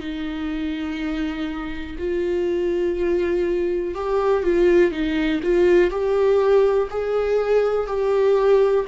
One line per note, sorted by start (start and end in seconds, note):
0.00 1.97 D#4
1.99 3.95 F4
3.95 4.44 G4
4.44 4.92 F4
4.92 5.41 D#4
5.43 5.91 F4
5.91 6.89 G4
6.91 7.87 G#4
7.87 8.86 G4